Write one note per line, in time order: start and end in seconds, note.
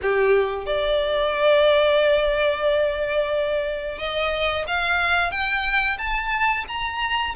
0.02 0.66 G4
0.66 3.98 D5
3.98 4.65 D#5
4.67 5.31 F5
5.31 5.97 G5
5.98 6.65 A5
6.68 7.35 A#5